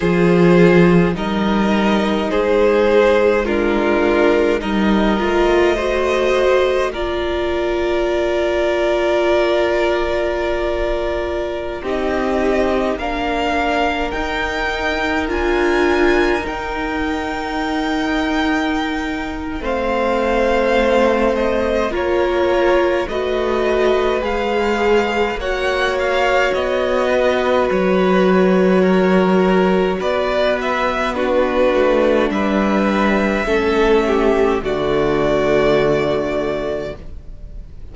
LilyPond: <<
  \new Staff \with { instrumentName = "violin" } { \time 4/4 \tempo 4 = 52 c''4 dis''4 c''4 ais'4 | dis''2 d''2~ | d''2~ d''16 dis''4 f''8.~ | f''16 g''4 gis''4 g''4.~ g''16~ |
g''4 f''4. dis''8 cis''4 | dis''4 f''4 fis''8 f''8 dis''4 | cis''2 d''8 e''8 b'4 | e''2 d''2 | }
  \new Staff \with { instrumentName = "violin" } { \time 4/4 gis'4 ais'4 gis'4 f'4 | ais'4 c''4 ais'2~ | ais'2~ ais'16 g'4 ais'8.~ | ais'1~ |
ais'4 c''2 ais'4 | b'2 cis''4. b'8~ | b'4 ais'4 b'4 fis'4 | b'4 a'8 g'8 fis'2 | }
  \new Staff \with { instrumentName = "viola" } { \time 4/4 f'4 dis'2 d'4 | dis'8 f'8 fis'4 f'2~ | f'2~ f'16 dis'4 d'8.~ | d'16 dis'4 f'4 dis'4.~ dis'16~ |
dis'4 c'2 f'4 | fis'4 gis'4 fis'2~ | fis'2. d'4~ | d'4 cis'4 a2 | }
  \new Staff \with { instrumentName = "cello" } { \time 4/4 f4 g4 gis2 | g8 a4. ais2~ | ais2~ ais16 c'4 ais8.~ | ais16 dis'4 d'4 dis'4.~ dis'16~ |
dis'4 a2 ais4 | a4 gis4 ais4 b4 | fis2 b4. a8 | g4 a4 d2 | }
>>